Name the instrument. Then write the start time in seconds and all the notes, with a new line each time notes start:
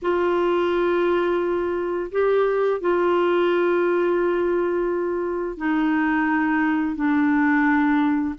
clarinet
0.02 F4
2.11 G4
2.80 F4
5.57 D#4
6.95 D4